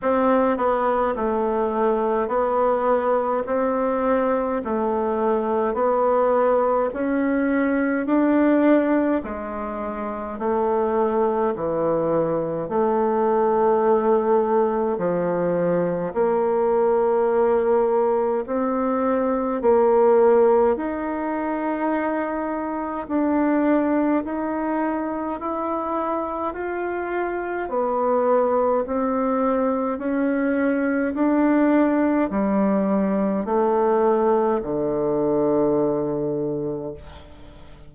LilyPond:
\new Staff \with { instrumentName = "bassoon" } { \time 4/4 \tempo 4 = 52 c'8 b8 a4 b4 c'4 | a4 b4 cis'4 d'4 | gis4 a4 e4 a4~ | a4 f4 ais2 |
c'4 ais4 dis'2 | d'4 dis'4 e'4 f'4 | b4 c'4 cis'4 d'4 | g4 a4 d2 | }